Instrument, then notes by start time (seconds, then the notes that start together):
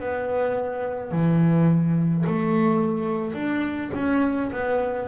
double bass
0.00 B3
1.12 E3
2.26 A3
3.34 D4
3.94 C#4
4.52 B3